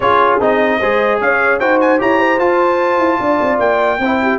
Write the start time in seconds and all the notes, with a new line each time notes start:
0.00 C#4 F4 G#4 C#5
0.40 C4 D#4 D#5
0.79 G#3 G#4 C5
1.21 C#4 C#5 F5
1.59 D#4 F#4 C5 G5
1.80 G#5
1.98 E4 G4 C#5 A#5
2.19 C5
2.38 F4 A5
2.98 E4
3.20 D4 D5
3.41 C4
3.58 A#3 G5
3.99 C4 E4 C5
4.22 G4